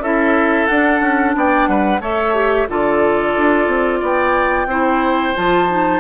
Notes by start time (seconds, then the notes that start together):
0.00 C#4 E4 A4 E5
0.67 D4 F#5
1.01 C#4
1.36 B3 D5 G5
1.67 G3 B4 F#5
2.00 A3 A4 C#5 E5
2.34 G4
2.69 D3 F4 A4 D5
3.37 D4
3.68 C4
4.00 B3 D5 G5
4.67 C4 E4 C5
5.35 F3 F4 A5
5.70 D#4